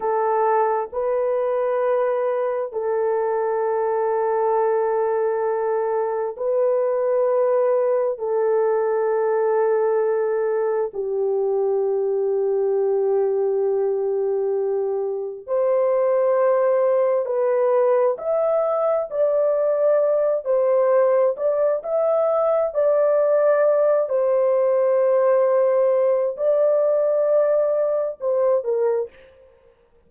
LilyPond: \new Staff \with { instrumentName = "horn" } { \time 4/4 \tempo 4 = 66 a'4 b'2 a'4~ | a'2. b'4~ | b'4 a'2. | g'1~ |
g'4 c''2 b'4 | e''4 d''4. c''4 d''8 | e''4 d''4. c''4.~ | c''4 d''2 c''8 ais'8 | }